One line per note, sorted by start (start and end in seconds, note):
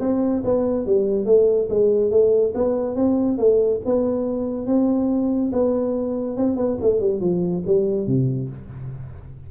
0.00 0.43 C4
0.44 0.86 B3
0.86 1.26 G3
1.26 1.68 A3
1.69 2.11 G#3
2.11 2.53 A3
2.54 2.96 B3
2.96 3.38 C4
3.38 3.80 A3
3.85 4.66 B3
4.66 5.51 C4
5.52 6.37 B3
6.37 6.56 C4
6.56 6.78 B3
6.81 7.00 A3
7.00 7.20 G3
7.20 7.63 F3
7.66 8.07 G3
8.07 8.49 C3